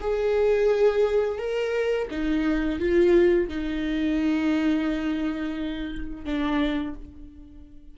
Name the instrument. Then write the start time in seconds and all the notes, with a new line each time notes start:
viola
0.00 G#4
1.38 A#4
2.10 D#4
2.79 F4
3.49 D#4
6.25 D4